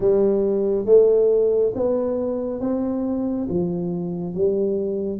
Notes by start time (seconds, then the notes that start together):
0.00 G3
0.85 A3
1.74 B3
2.60 C4
3.49 F3
4.34 G3